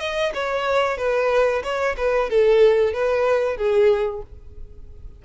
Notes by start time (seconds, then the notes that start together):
0.00 D#5
0.35 C#5
0.98 B4
1.64 C#5
1.98 B4
2.30 A4
2.94 B4
3.57 G#4